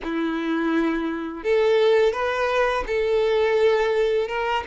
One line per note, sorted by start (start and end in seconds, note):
0.03 1.43 E4
1.43 2.12 A4
2.12 2.84 B4
2.86 4.28 A4
4.28 4.63 A#4